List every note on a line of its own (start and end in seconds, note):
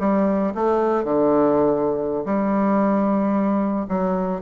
0.00 0.54 G3
0.55 1.04 A3
1.04 2.25 D3
2.26 3.87 G3
3.89 4.42 F#3